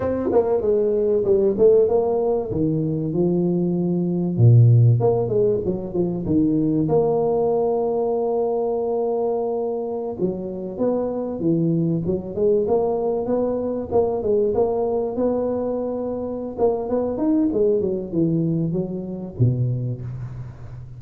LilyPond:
\new Staff \with { instrumentName = "tuba" } { \time 4/4 \tempo 4 = 96 c'8 ais8 gis4 g8 a8 ais4 | dis4 f2 ais,4 | ais8 gis8 fis8 f8 dis4 ais4~ | ais1~ |
ais16 fis4 b4 e4 fis8 gis16~ | gis16 ais4 b4 ais8 gis8 ais8.~ | ais16 b2~ b16 ais8 b8 dis'8 | gis8 fis8 e4 fis4 b,4 | }